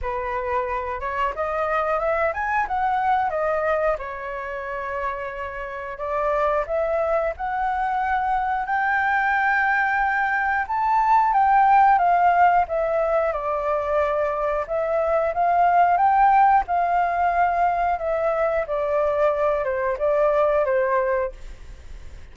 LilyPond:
\new Staff \with { instrumentName = "flute" } { \time 4/4 \tempo 4 = 90 b'4. cis''8 dis''4 e''8 gis''8 | fis''4 dis''4 cis''2~ | cis''4 d''4 e''4 fis''4~ | fis''4 g''2. |
a''4 g''4 f''4 e''4 | d''2 e''4 f''4 | g''4 f''2 e''4 | d''4. c''8 d''4 c''4 | }